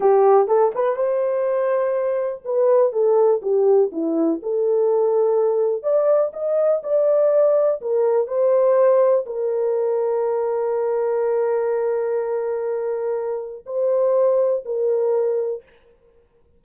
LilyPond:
\new Staff \with { instrumentName = "horn" } { \time 4/4 \tempo 4 = 123 g'4 a'8 b'8 c''2~ | c''4 b'4 a'4 g'4 | e'4 a'2. | d''4 dis''4 d''2 |
ais'4 c''2 ais'4~ | ais'1~ | ais'1 | c''2 ais'2 | }